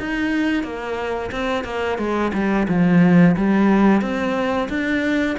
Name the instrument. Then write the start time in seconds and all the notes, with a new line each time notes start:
cello
0.00 D#4
0.64 A#3
1.32 C4
1.65 A#3
1.99 G#3
2.34 G3
2.69 F3
3.37 G3
4.02 C4
4.69 D4